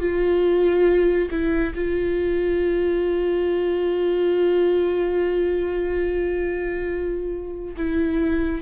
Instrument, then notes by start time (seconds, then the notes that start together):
viola
0.00 F4
1.31 E4
1.75 F4
7.76 E4